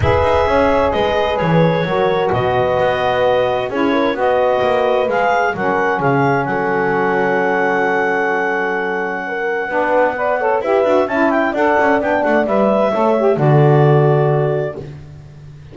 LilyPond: <<
  \new Staff \with { instrumentName = "clarinet" } { \time 4/4 \tempo 4 = 130 e''2 dis''4 cis''4~ | cis''4 dis''2. | cis''4 dis''2 f''4 | fis''4 f''4 fis''2~ |
fis''1~ | fis''2. e''4 | a''8 g''8 fis''4 g''8 fis''8 e''4~ | e''4 d''2. | }
  \new Staff \with { instrumentName = "horn" } { \time 4/4 b'4 cis''4 b'2 | ais'4 b'2. | gis'8 ais'8 b'2. | ais'4 gis'4 a'2~ |
a'1 | ais'4 b'4 d''8 cis''8 b'4 | e''4 d''2. | cis''4 a'2. | }
  \new Staff \with { instrumentName = "saxophone" } { \time 4/4 gis'1 | fis'1 | e'4 fis'2 gis'4 | cis'1~ |
cis'1~ | cis'4 d'4 b'8 a'8 g'8 fis'8 | e'4 a'4 d'4 b'4 | a'8 g'8 fis'2. | }
  \new Staff \with { instrumentName = "double bass" } { \time 4/4 e'8 dis'8 cis'4 gis4 e4 | fis4 b,4 b2 | cis'4 b4 ais4 gis4 | fis4 cis4 fis2~ |
fis1~ | fis4 b2 e'8 d'8 | cis'4 d'8 cis'8 b8 a8 g4 | a4 d2. | }
>>